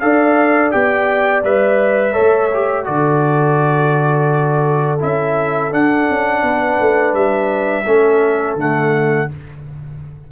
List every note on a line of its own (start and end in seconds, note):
0.00 0.74 D4
0.00 0.72 A4
0.00 2.13 D5
0.00 0.71 F5
0.72 1.44 B3
0.72 1.43 G4
0.72 1.43 G5
1.44 2.15 G3
1.44 2.14 B4
1.44 2.86 E5
2.13 2.49 A4
2.13 2.84 C#5
2.19 2.88 A3
2.54 2.85 G4
2.85 5.03 D3
2.85 4.99 F#4
2.85 6.45 A4
2.85 5.00 D5
5.00 5.74 C#4
5.00 5.71 E4
5.00 5.73 E5
5.71 7.86 D4
5.71 6.09 D4
5.71 7.15 F#5
6.10 6.43 C#4
6.43 6.78 B3
6.43 7.87 B4
6.80 7.14 A3
7.14 7.85 G3
7.14 8.58 E5
7.86 8.56 A3
7.86 8.58 C#4
7.86 9.30 A4
8.56 9.27 D3
8.56 9.29 A3
8.56 9.32 F#5